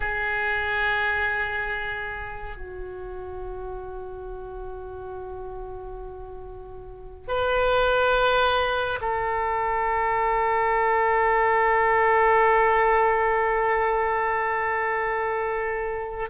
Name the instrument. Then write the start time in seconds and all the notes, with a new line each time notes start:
oboe
0.00 G#4
2.56 F#4
7.27 B4
9.01 A4